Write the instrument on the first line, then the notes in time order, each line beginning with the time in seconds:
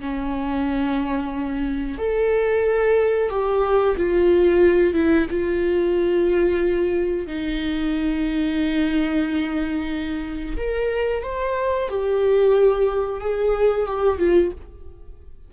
viola
0.00 C#4
1.98 A4
3.29 G4
3.97 F4
4.94 E4
5.30 F4
7.26 D#4
10.56 A#4
11.22 C5
11.89 G4
13.20 G#4
13.86 G4
14.18 F4